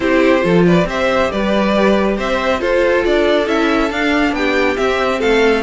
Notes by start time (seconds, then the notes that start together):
0.00 C4 E4 G4 C5
0.41 F3 F4 A4
0.66 B4 D5
0.84 C4 G4 C5 E5
1.31 G3 B4 D5
2.17 C4 C5 E5
2.58 F4 A4 C5
3.05 D4 D5
3.46 C#4 E4 E5
3.90 D4 F5
4.32 B3 G4 G5
4.76 C4 E5
5.19 A3 A4 F5